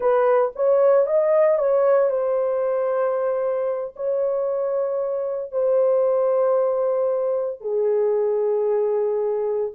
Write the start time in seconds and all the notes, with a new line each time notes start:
0.00 B4
0.55 C#5
1.06 D#5
1.58 C#5
2.10 C5
3.96 C#5
5.51 C5
7.61 G#4